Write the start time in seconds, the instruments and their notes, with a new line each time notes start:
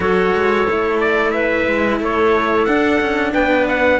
0.00 cello F#3 F#4, clarinet A4, trumpet C#5
0.34 cello G#3
0.67 cello A3 E4
1.00 trumpet D5
1.31 clarinet B4, trumpet E5
1.67 cello G#3
2.00 cello A3, clarinet A4, trumpet C#5
2.65 cello D4, trumpet F#5
3.00 cello C#4
3.33 cello B3, clarinet B4, trumpet G5
3.68 trumpet F#5